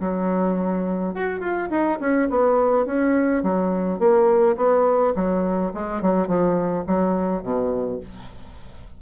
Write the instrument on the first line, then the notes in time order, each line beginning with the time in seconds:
bassoon
0.00 F#3
1.14 F#4
1.40 F4
1.70 D#4
2.00 C#4
2.30 B3
2.85 C#4
3.43 F#3
3.99 A#3
4.56 B3
5.15 F#3
5.74 G#3
6.02 F#3
6.27 F3
6.86 F#3
7.42 B2